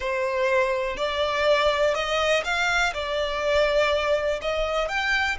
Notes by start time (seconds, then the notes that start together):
0.00 C5
0.96 D5
1.94 D#5
2.44 F5
2.93 D5
4.41 D#5
4.88 G5